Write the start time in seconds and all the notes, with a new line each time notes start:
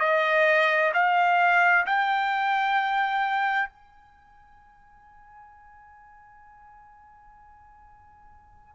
0.00 D#5
0.94 F5
1.86 G5
3.69 G#5